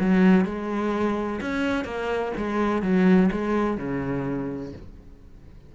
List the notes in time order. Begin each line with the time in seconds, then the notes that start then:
0.00 F#3
0.45 G#3
1.42 C#4
1.85 A#3
2.37 G#3
2.82 F#3
3.32 G#3
3.78 C#3